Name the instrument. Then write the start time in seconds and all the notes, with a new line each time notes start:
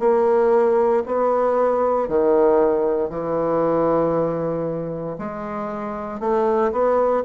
bassoon
0.00 A#3
1.06 B3
2.08 D#3
3.10 E3
5.19 G#3
6.20 A3
6.72 B3